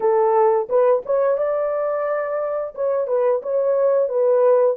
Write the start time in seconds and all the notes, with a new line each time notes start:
0.00 A4
0.69 B4
1.05 C#5
1.37 D5
2.75 C#5
3.07 B4
3.42 C#5
4.08 B4